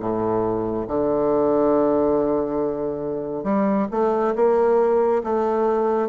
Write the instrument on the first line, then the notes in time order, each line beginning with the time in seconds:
bassoon
0.00 A2
0.88 D3
3.44 G3
3.92 A3
4.36 A#3
5.24 A3